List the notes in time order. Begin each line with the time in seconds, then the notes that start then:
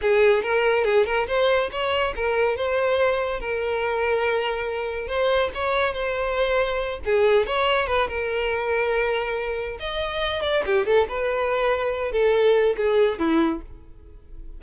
0.01 G#4
0.43 A#4
0.84 G#4
1.05 A#4
1.27 C5
1.71 C#5
2.15 A#4
2.56 C5
3.40 A#4
5.07 C5
5.54 C#5
5.93 C5
7.05 G#4
7.46 C#5
7.86 B4
8.07 A#4
9.79 D#5
10.42 D5
10.66 G4
10.86 A4
11.08 B4
12.12 A4
12.77 G#4
13.18 E4